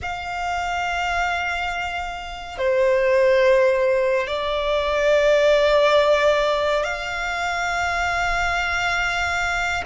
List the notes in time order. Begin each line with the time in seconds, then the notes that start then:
0.02 F5
2.58 C5
4.27 D5
6.83 F5